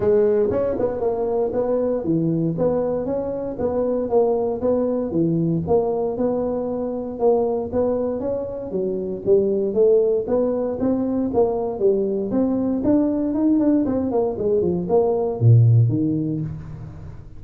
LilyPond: \new Staff \with { instrumentName = "tuba" } { \time 4/4 \tempo 4 = 117 gis4 cis'8 b8 ais4 b4 | e4 b4 cis'4 b4 | ais4 b4 e4 ais4 | b2 ais4 b4 |
cis'4 fis4 g4 a4 | b4 c'4 ais4 g4 | c'4 d'4 dis'8 d'8 c'8 ais8 | gis8 f8 ais4 ais,4 dis4 | }